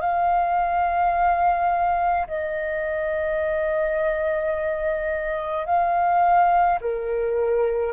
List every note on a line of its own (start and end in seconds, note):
0.00 2.26 F5
2.27 5.66 D#5
5.66 6.79 F5
6.81 7.93 A#4